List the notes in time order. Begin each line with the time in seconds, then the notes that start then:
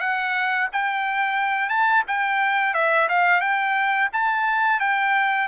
0.00 F#5
0.72 G5
1.69 A5
2.08 G5
2.74 E5
3.09 F5
3.41 G5
4.13 A5
4.80 G5